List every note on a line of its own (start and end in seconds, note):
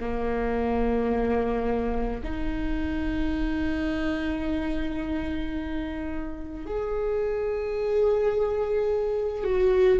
0.00 2.22 A#3
2.23 6.66 D#4
6.66 9.44 G#4
9.44 9.99 F#4